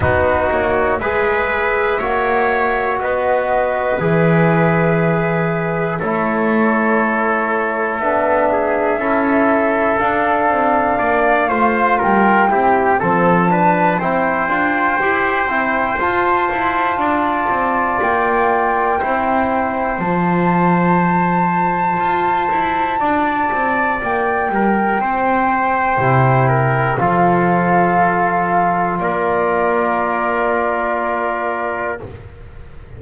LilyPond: <<
  \new Staff \with { instrumentName = "flute" } { \time 4/4 \tempo 4 = 60 b'8 cis''8 e''2 dis''4 | e''2 cis''2 | e''2 f''2 | g''4 a''4 g''2 |
a''2 g''2 | a''1 | g''2. f''4~ | f''4 d''2. | }
  \new Staff \with { instrumentName = "trumpet" } { \time 4/4 fis'4 b'4 cis''4 b'4~ | b'2 a'2~ | a'8 gis'8 a'2 d''8 c''8 | ais'8 g'8 a'8 b'8 c''2~ |
c''4 d''2 c''4~ | c''2. d''4~ | d''8 ais'8 c''4. ais'8 a'4~ | a'4 ais'2. | }
  \new Staff \with { instrumentName = "trombone" } { \time 4/4 dis'4 gis'4 fis'2 | gis'2 e'2 | d'4 e'4 d'4. f'8~ | f'8 e'8 c'8 d'8 e'8 f'8 g'8 e'8 |
f'2. e'4 | f'1~ | f'2 e'4 f'4~ | f'1 | }
  \new Staff \with { instrumentName = "double bass" } { \time 4/4 b8 ais8 gis4 ais4 b4 | e2 a2 | b4 cis'4 d'8 c'8 ais8 a8 | g8 c'8 f4 c'8 d'8 e'8 c'8 |
f'8 e'8 d'8 c'8 ais4 c'4 | f2 f'8 e'8 d'8 c'8 | ais8 g8 c'4 c4 f4~ | f4 ais2. | }
>>